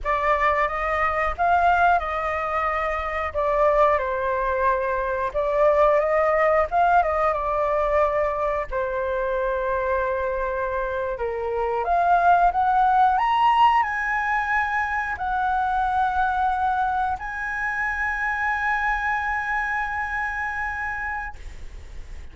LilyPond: \new Staff \with { instrumentName = "flute" } { \time 4/4 \tempo 4 = 90 d''4 dis''4 f''4 dis''4~ | dis''4 d''4 c''2 | d''4 dis''4 f''8 dis''8 d''4~ | d''4 c''2.~ |
c''8. ais'4 f''4 fis''4 ais''16~ | ais''8. gis''2 fis''4~ fis''16~ | fis''4.~ fis''16 gis''2~ gis''16~ | gis''1 | }